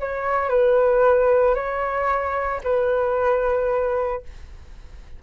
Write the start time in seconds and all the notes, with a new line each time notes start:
0.00 C#5
0.49 B4
1.55 C#5
2.64 B4